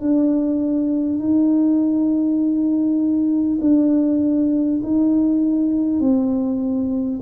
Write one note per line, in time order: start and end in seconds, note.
0.00 1.18 D4
1.18 3.58 D#4
3.61 4.81 D4
4.83 5.99 D#4
5.99 7.19 C4